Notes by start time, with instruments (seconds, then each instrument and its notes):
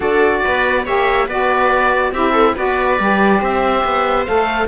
0.00 cello D4, saxophone F#4, viola A4, oboe D5
0.43 cello B3, viola B4
0.85 cello A#3, saxophone G4, viola C#5, oboe E5
1.27 cello B3, saxophone F#4, viola B4, oboe D5
2.11 cello C4, saxophone E4, viola G4, oboe E5
2.32 viola A4
2.55 cello B3, saxophone F#4, viola B4, oboe D5
2.99 cello G3, saxophone G4
3.38 cello C4, viola C5, oboe E5
3.84 cello B3
4.25 cello A3, saxophone A4, oboe F5